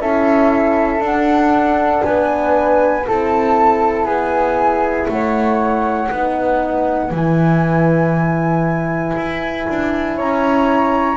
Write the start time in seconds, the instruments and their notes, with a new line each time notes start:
0.00 double bass C#4, horn E4, flute A4 E5
0.99 horn D4, double bass D4, flute F#5
2.03 double bass B3, flute B4 G#5
3.05 double bass C4, horn E4, flute A4 A5
4.05 double bass B3, flute G#4 G#5
5.08 double bass A3, flute C#5 F#5
6.11 double bass B3, horn D#4, flute B4
7.11 double bass E3, horn E4, flute G#5
9.16 double bass E4
9.69 double bass D4
10.17 double bass C#4, flute C#5 A#5